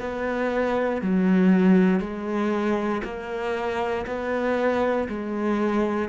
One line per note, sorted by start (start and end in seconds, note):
0.00 1.02 B3
1.02 2.00 F#3
2.00 3.02 G#3
3.04 4.06 A#3
4.07 5.08 B3
5.09 6.09 G#3